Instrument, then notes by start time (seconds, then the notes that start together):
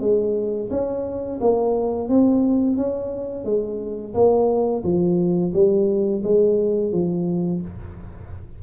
tuba
0.00 G#3
0.70 C#4
1.41 A#3
2.08 C4
2.76 C#4
3.45 G#3
4.14 A#3
4.83 F3
5.53 G3
6.23 G#3
6.92 F3